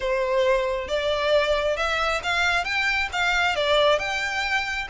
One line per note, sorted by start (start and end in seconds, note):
0.00 0.88 C5
0.88 1.77 D5
1.77 2.21 E5
2.23 2.64 F5
2.64 3.08 G5
3.12 3.55 F5
3.55 3.98 D5
3.98 4.87 G5